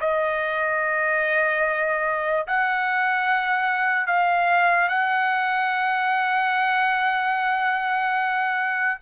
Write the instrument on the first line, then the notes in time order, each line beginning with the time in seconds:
trumpet
0.00 D#5
2.47 F#5
4.06 F5
4.89 F#5